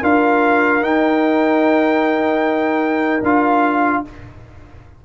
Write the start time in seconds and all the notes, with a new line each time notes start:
0.00 D4 F4 A#4 F5
0.81 D#4 G5
3.22 D4 F4 F5